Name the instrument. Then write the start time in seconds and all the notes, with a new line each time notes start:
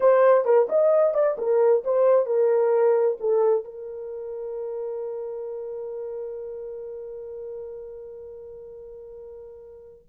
horn
0.00 C5
0.44 A#4
0.69 D#5
1.14 D5
1.38 A#4
1.84 C5
2.25 A#4
3.19 A4
3.64 A#4